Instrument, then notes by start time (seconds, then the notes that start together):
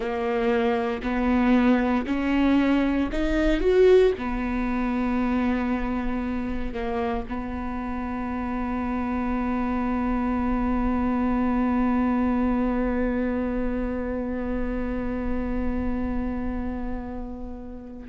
viola
0.00 A#3
1.02 B3
2.06 C#4
3.11 D#4
3.60 F#4
4.18 B3
6.73 A#3
7.28 B3